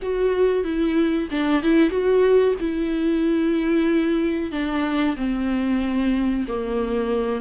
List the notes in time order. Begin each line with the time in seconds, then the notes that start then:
0.02 F#4
0.64 E4
1.30 D4
1.62 E4
1.90 F#4
2.60 E4
4.51 D4
5.16 C4
6.48 A#3